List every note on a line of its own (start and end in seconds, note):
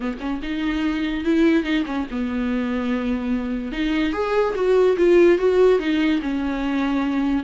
0.00 0.17 B3
0.20 0.40 C#4
0.42 1.24 D#4
1.24 1.63 E4
1.63 1.84 D#4
1.85 2.06 C#4
2.10 3.72 B3
3.72 4.13 D#4
4.13 4.54 G#4
4.55 4.96 F#4
4.97 5.38 F4
5.38 5.79 F#4
5.79 6.20 D#4
6.21 7.44 C#4